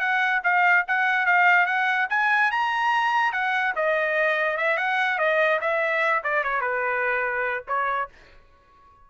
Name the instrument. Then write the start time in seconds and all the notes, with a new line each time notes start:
trumpet
0.00 F#5
0.44 F5
0.88 F#5
1.26 F5
1.66 F#5
2.10 G#5
2.51 A#5
3.33 F#5
3.76 D#5
4.58 E5
4.78 F#5
5.19 D#5
5.61 E5
6.24 D5
6.44 C#5
6.61 B4
7.68 C#5